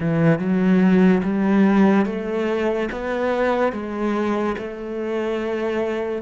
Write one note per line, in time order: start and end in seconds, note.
0.00 0.39 E3
0.39 1.22 F#3
1.23 2.06 G3
2.06 2.89 A3
2.92 3.72 B3
3.72 4.56 G#3
4.58 6.22 A3